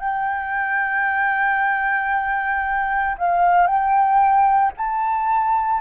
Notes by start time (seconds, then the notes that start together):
0.00 G5
3.18 F5
3.67 G5
4.77 A5